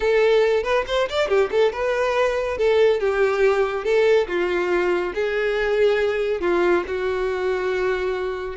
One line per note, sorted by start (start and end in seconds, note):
0.00 0.63 A4
0.63 0.84 B4
0.87 1.08 C5
1.09 1.28 D5
1.28 1.50 G4
1.51 1.72 A4
1.72 2.57 B4
2.57 3.00 A4
3.00 3.84 G4
3.84 4.27 A4
4.27 5.13 F4
5.14 6.41 G#4
6.41 6.83 F4
6.87 8.56 F#4